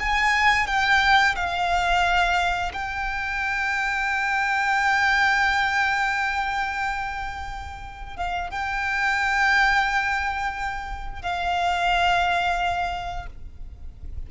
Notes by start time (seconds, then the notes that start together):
0.00 G#5
0.67 G5
1.36 F5
2.74 G5
8.17 F5
8.51 G5
11.22 F5